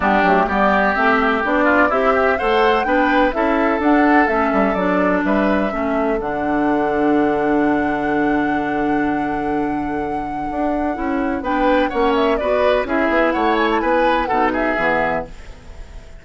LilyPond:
<<
  \new Staff \with { instrumentName = "flute" } { \time 4/4 \tempo 4 = 126 g'4 d''4 e''4 d''4 | e''4 fis''4 g''4 e''4 | fis''4 e''4 d''4 e''4~ | e''4 fis''2.~ |
fis''1~ | fis''1 | g''4 fis''8 e''8 d''4 e''4 | fis''8 gis''16 a''16 gis''4 fis''8 e''4. | }
  \new Staff \with { instrumentName = "oboe" } { \time 4/4 d'4 g'2~ g'8 f'8 | e'8 g'8 c''4 b'4 a'4~ | a'2. b'4 | a'1~ |
a'1~ | a'1 | b'4 cis''4 b'4 gis'4 | cis''4 b'4 a'8 gis'4. | }
  \new Staff \with { instrumentName = "clarinet" } { \time 4/4 b8 a8 b4 c'4 d'4 | g'4 a'4 d'4 e'4 | d'4 cis'4 d'2 | cis'4 d'2.~ |
d'1~ | d'2. e'4 | d'4 cis'4 fis'4 e'4~ | e'2 dis'4 b4 | }
  \new Staff \with { instrumentName = "bassoon" } { \time 4/4 g8 fis8 g4 a4 b4 | c'4 a4 b4 cis'4 | d'4 a8 g8 fis4 g4 | a4 d2.~ |
d1~ | d2 d'4 cis'4 | b4 ais4 b4 cis'8 b8 | a4 b4 b,4 e4 | }
>>